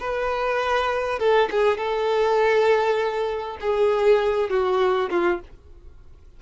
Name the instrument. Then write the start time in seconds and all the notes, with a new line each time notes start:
violin
0.00 B4
1.19 A4
1.51 G#4
1.78 A4
3.61 G#4
4.50 F#4
5.10 F4